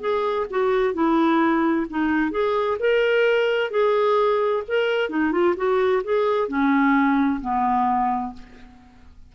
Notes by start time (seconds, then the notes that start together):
0.00 G#4
0.50 F#4
0.94 E4
1.90 D#4
2.31 G#4
2.79 A#4
3.70 G#4
4.68 A#4
5.09 D#4
5.32 F4
5.56 F#4
6.04 G#4
6.48 C#4
7.41 B3